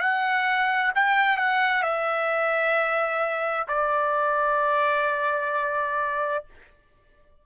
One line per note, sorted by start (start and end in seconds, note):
0.00 0.92 F#5
0.95 1.38 G5
1.38 1.83 F#5
1.83 3.67 E5
3.68 6.45 D5